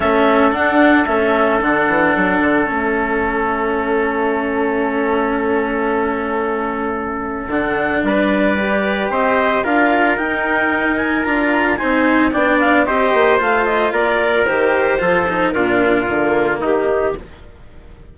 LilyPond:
<<
  \new Staff \with { instrumentName = "clarinet" } { \time 4/4 \tempo 4 = 112 e''4 fis''4 e''4 fis''4~ | fis''4 e''2.~ | e''1~ | e''2 fis''4 d''4~ |
d''4 dis''4 f''4 g''4~ | g''8 gis''8 ais''4 gis''4 g''8 f''8 | dis''4 f''8 dis''8 d''4 c''4~ | c''4 ais'2 g'4 | }
  \new Staff \with { instrumentName = "trumpet" } { \time 4/4 a'1~ | a'1~ | a'1~ | a'2. b'4~ |
b'4 c''4 ais'2~ | ais'2 c''4 d''4 | c''2 ais'2 | a'4 f'2 dis'4 | }
  \new Staff \with { instrumentName = "cello" } { \time 4/4 cis'4 d'4 cis'4 d'4~ | d'4 cis'2.~ | cis'1~ | cis'2 d'2 |
g'2 f'4 dis'4~ | dis'4 f'4 dis'4 d'4 | g'4 f'2 g'4 | f'8 dis'8 d'4 ais2 | }
  \new Staff \with { instrumentName = "bassoon" } { \time 4/4 a4 d'4 a4 d8 e8 | fis8 d8 a2.~ | a1~ | a2 d4 g4~ |
g4 c'4 d'4 dis'4~ | dis'4 d'4 c'4 b4 | c'8 ais8 a4 ais4 dis4 | f4 ais,4 d4 dis4 | }
>>